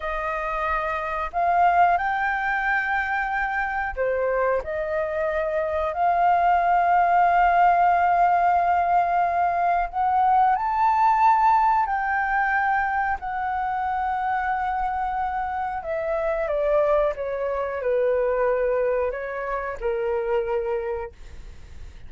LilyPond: \new Staff \with { instrumentName = "flute" } { \time 4/4 \tempo 4 = 91 dis''2 f''4 g''4~ | g''2 c''4 dis''4~ | dis''4 f''2.~ | f''2. fis''4 |
a''2 g''2 | fis''1 | e''4 d''4 cis''4 b'4~ | b'4 cis''4 ais'2 | }